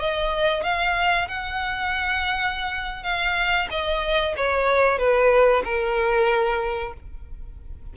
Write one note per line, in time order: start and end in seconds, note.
0.00 0.64 D#5
0.64 1.28 F5
1.28 3.04 F#5
3.04 3.68 F5
3.71 4.35 D#5
4.37 4.99 C#5
4.99 5.63 B4
5.65 6.94 A#4